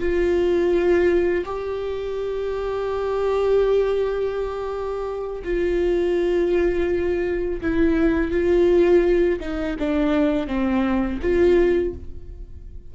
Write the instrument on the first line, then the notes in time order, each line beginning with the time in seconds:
viola
0.00 F4
1.46 G4
5.44 F4
7.62 E4
8.32 F4
9.41 D#4
9.80 D4
10.48 C4
11.22 F4